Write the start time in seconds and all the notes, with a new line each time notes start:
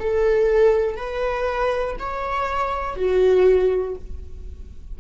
0.00 A4
0.96 B4
2.00 C#5
2.96 F#4